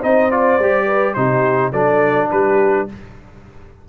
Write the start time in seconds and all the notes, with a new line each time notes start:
0.00 C4 D#4 C5 D#5
0.31 F4 D5
0.59 G3 G4
0.86 B4
1.14 C3 D#4 G4 C5
1.72 F#3 D4 A4 D5
2.31 G3 G4 B4